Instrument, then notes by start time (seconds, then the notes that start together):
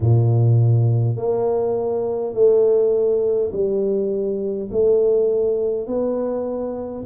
tuba
0.00 A#2
1.16 A#3
2.33 A3
3.51 G3
4.71 A3
5.87 B3